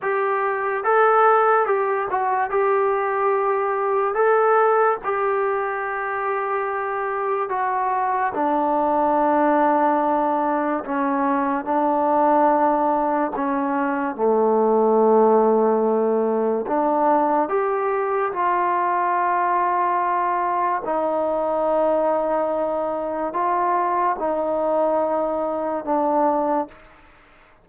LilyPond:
\new Staff \with { instrumentName = "trombone" } { \time 4/4 \tempo 4 = 72 g'4 a'4 g'8 fis'8 g'4~ | g'4 a'4 g'2~ | g'4 fis'4 d'2~ | d'4 cis'4 d'2 |
cis'4 a2. | d'4 g'4 f'2~ | f'4 dis'2. | f'4 dis'2 d'4 | }